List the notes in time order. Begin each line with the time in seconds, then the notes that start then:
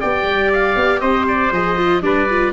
0.00 B3 G4 D5 G5
0.23 G3
0.53 F5
0.76 B3
1.00 C4 C5 D#5
1.27 D5
1.51 F3 G#4 D#5
1.76 F4
2.02 G3 D4 B4 D5
2.30 F4